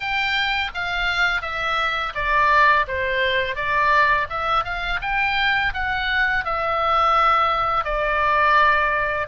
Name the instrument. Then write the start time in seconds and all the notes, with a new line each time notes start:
oboe
0.00 G5
0.74 F5
1.41 E5
2.14 D5
2.87 C5
3.55 D5
4.29 E5
4.64 F5
5.01 G5
5.73 F#5
6.44 E5
7.84 D5